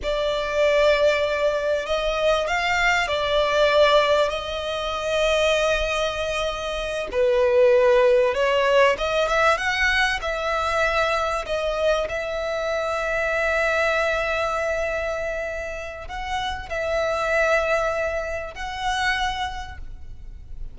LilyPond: \new Staff \with { instrumentName = "violin" } { \time 4/4 \tempo 4 = 97 d''2. dis''4 | f''4 d''2 dis''4~ | dis''2.~ dis''8 b'8~ | b'4. cis''4 dis''8 e''8 fis''8~ |
fis''8 e''2 dis''4 e''8~ | e''1~ | e''2 fis''4 e''4~ | e''2 fis''2 | }